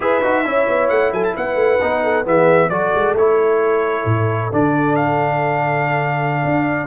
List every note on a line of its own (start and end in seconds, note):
0.00 0.21 E4
0.00 0.21 G#4
0.00 0.46 B4
0.00 0.89 E5
0.22 0.44 D#4
0.22 0.44 F#4
0.44 0.67 C#4
0.44 1.79 E4
0.44 1.12 C#5
0.68 0.90 B3
0.89 1.12 A3
0.89 1.11 F#5
1.12 1.34 F#3
1.12 1.35 A4
1.12 1.24 G#5
1.24 1.35 A5
1.36 1.55 B3
1.36 2.03 B4
1.36 2.26 F#5
1.55 1.78 A3
1.81 2.25 B3
1.81 2.24 D#4
2.03 2.26 A4
2.24 2.69 E3
2.24 2.70 B3
2.24 2.69 G#4
2.24 2.69 E5
2.69 2.91 F#3
2.69 3.16 F#4
2.69 6.86 A4
2.69 3.14 D5
2.94 3.13 G#3
3.13 4.03 A3
3.13 4.52 E4
3.13 4.52 C#5
4.05 4.50 A2
4.52 6.44 D3
4.52 6.86 D4
4.52 4.95 D5
4.95 6.86 F5
6.44 6.86 D4